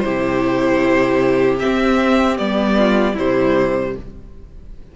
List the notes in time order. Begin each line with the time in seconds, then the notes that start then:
0.00 E4 G4 C5
0.06 C3
1.59 C4 E5
2.37 G3 B3 D5
2.79 F4
3.13 C3 G3 E4 C5